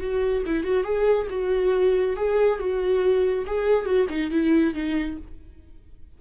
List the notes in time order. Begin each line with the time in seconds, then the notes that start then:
0.00 F#4
0.46 E4
0.63 F#4
0.84 G#4
1.30 F#4
2.16 G#4
2.59 F#4
3.46 G#4
3.85 F#4
4.09 D#4
4.31 E4
4.74 D#4